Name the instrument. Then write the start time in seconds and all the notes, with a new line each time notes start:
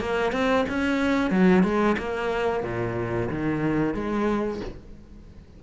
cello
0.00 A#3
0.32 C4
0.69 C#4
1.30 F#3
1.63 G#3
1.98 A#3
2.63 A#2
3.29 D#3
3.94 G#3